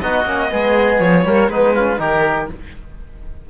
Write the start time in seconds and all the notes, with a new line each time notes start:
0.00 B3 D#4 F#4 D#5
0.25 A#3 C#4
0.49 G#3 B3 G#4
0.99 F3 C#5
1.24 G3 A#3 A#4
1.48 G#3 B3 D#4 B4
1.74 C#4 F4
1.97 D#3 D#4 G4 A#4